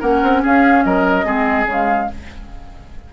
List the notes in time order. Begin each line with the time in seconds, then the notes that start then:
0.00 A#3 C#4 A#4 F#5
0.22 C4
0.42 C#4 G#4 F5
0.84 F#3 A#4 D#5
1.24 G#3 C4 G#4
1.66 C#3 G#3
1.72 F5